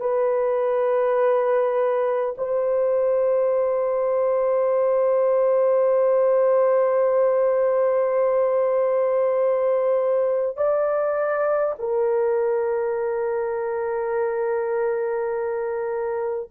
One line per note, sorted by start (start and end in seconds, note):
0.00 2.35 B4
2.37 10.57 C5
10.57 11.74 D5
11.79 16.49 A#4